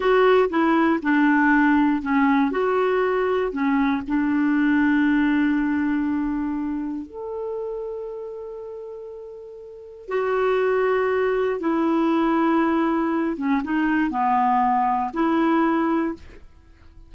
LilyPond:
\new Staff \with { instrumentName = "clarinet" } { \time 4/4 \tempo 4 = 119 fis'4 e'4 d'2 | cis'4 fis'2 cis'4 | d'1~ | d'2 a'2~ |
a'1 | fis'2. e'4~ | e'2~ e'8 cis'8 dis'4 | b2 e'2 | }